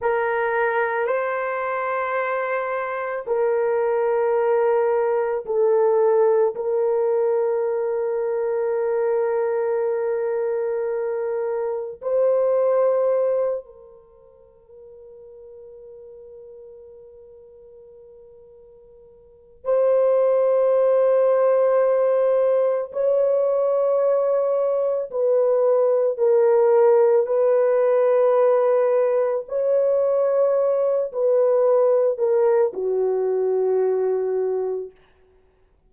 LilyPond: \new Staff \with { instrumentName = "horn" } { \time 4/4 \tempo 4 = 55 ais'4 c''2 ais'4~ | ais'4 a'4 ais'2~ | ais'2. c''4~ | c''8 ais'2.~ ais'8~ |
ais'2 c''2~ | c''4 cis''2 b'4 | ais'4 b'2 cis''4~ | cis''8 b'4 ais'8 fis'2 | }